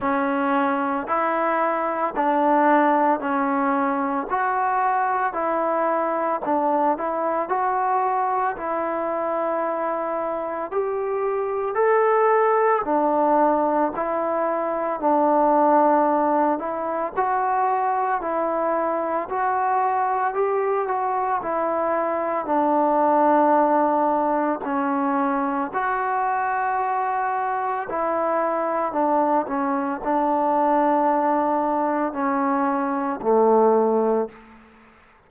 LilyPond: \new Staff \with { instrumentName = "trombone" } { \time 4/4 \tempo 4 = 56 cis'4 e'4 d'4 cis'4 | fis'4 e'4 d'8 e'8 fis'4 | e'2 g'4 a'4 | d'4 e'4 d'4. e'8 |
fis'4 e'4 fis'4 g'8 fis'8 | e'4 d'2 cis'4 | fis'2 e'4 d'8 cis'8 | d'2 cis'4 a4 | }